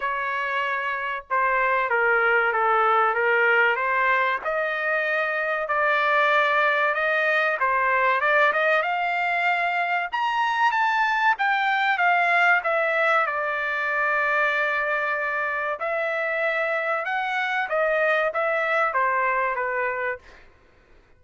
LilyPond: \new Staff \with { instrumentName = "trumpet" } { \time 4/4 \tempo 4 = 95 cis''2 c''4 ais'4 | a'4 ais'4 c''4 dis''4~ | dis''4 d''2 dis''4 | c''4 d''8 dis''8 f''2 |
ais''4 a''4 g''4 f''4 | e''4 d''2.~ | d''4 e''2 fis''4 | dis''4 e''4 c''4 b'4 | }